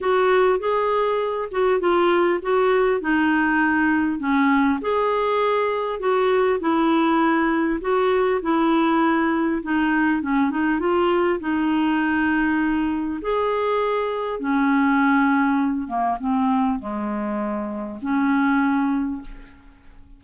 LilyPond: \new Staff \with { instrumentName = "clarinet" } { \time 4/4 \tempo 4 = 100 fis'4 gis'4. fis'8 f'4 | fis'4 dis'2 cis'4 | gis'2 fis'4 e'4~ | e'4 fis'4 e'2 |
dis'4 cis'8 dis'8 f'4 dis'4~ | dis'2 gis'2 | cis'2~ cis'8 ais8 c'4 | gis2 cis'2 | }